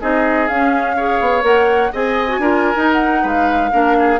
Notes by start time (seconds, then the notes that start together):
0.00 C4 D#4 G#4 D#5
0.48 C#4 F5
0.96 G#4 C#5
1.20 B3
1.41 A#3 A#4 F#5
1.92 C4 G#4 D#5 G#5
2.28 F#4
2.38 D4 F4 A#4
2.75 D#4
2.92 F#5
3.21 G#3 B4 F5
3.71 A#3 D4 A#4
3.99 G#4